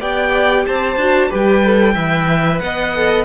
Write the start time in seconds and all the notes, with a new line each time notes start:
0.00 B3 G4 D5 G5
0.66 C4 C5 A5
0.96 D4 F#4
1.29 G3 G4 B4 G5
1.63 A4
1.95 E3 B4 E5
2.59 B3 D#5 F#5
2.95 A4